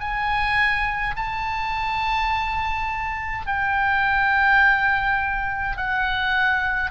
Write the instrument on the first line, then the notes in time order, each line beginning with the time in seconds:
oboe
0.00 G#5
1.16 A5
3.46 G5
5.77 F#5